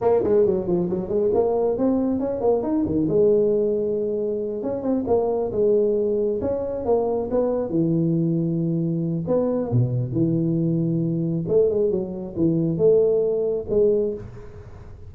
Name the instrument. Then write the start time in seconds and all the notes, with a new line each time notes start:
tuba
0.01 A#3
0.23 G#3
0.45 F#3
0.67 F3
0.89 F#3
1.08 G#3
1.34 A#3
1.77 C4
2.19 C#4
2.40 A#3
2.62 D#4
2.85 D#3
3.09 G#3
4.62 C#4
4.82 C4
5.07 A#3
5.52 G#3
6.41 C#4
6.85 A#3
7.30 B3
7.69 E3
9.27 B3
9.72 B2
10.12 E3
11.48 A3
11.69 G#3
11.90 F#3
12.36 E3
12.77 A3
13.69 G#3